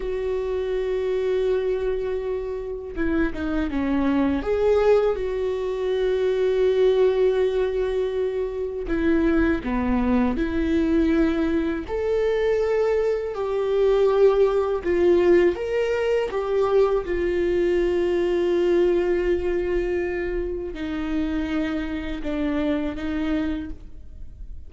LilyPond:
\new Staff \with { instrumentName = "viola" } { \time 4/4 \tempo 4 = 81 fis'1 | e'8 dis'8 cis'4 gis'4 fis'4~ | fis'1 | e'4 b4 e'2 |
a'2 g'2 | f'4 ais'4 g'4 f'4~ | f'1 | dis'2 d'4 dis'4 | }